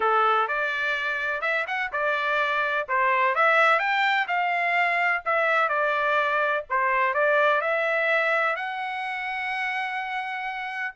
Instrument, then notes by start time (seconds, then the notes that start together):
trumpet
0.00 A4
0.48 D5
1.41 E5
1.67 F#5
1.92 D5
2.88 C5
3.35 E5
3.79 G5
4.27 F5
5.25 E5
5.68 D5
6.69 C5
7.13 D5
7.61 E5
8.56 F#5